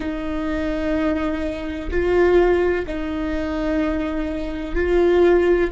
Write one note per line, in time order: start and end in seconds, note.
0.00 1.90 D#4
1.90 2.85 F4
2.86 4.74 D#4
4.74 5.70 F4